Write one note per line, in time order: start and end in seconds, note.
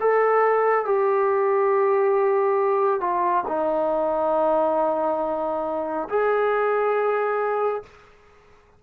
0.00 0.85 A4
0.85 3.00 G4
3.00 3.43 F4
3.47 6.08 D#4
6.09 7.83 G#4